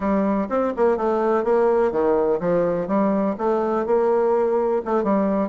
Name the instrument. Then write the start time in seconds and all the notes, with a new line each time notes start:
bassoon
0.00 G3
0.49 C4
0.76 A#3
0.97 A3
1.44 A#3
1.91 D#3
2.40 F3
2.87 G3
3.38 A3
3.86 A#3
4.85 A3
5.03 G3